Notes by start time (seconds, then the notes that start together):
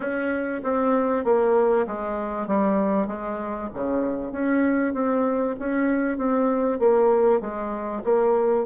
0.00 C#4
0.63 C4
1.24 A#3
1.86 G#3
2.47 G3
3.07 G#3
3.74 C#3
4.32 C#4
4.93 C4
5.59 C#4
6.17 C4
6.79 A#3
7.41 G#3
8.04 A#3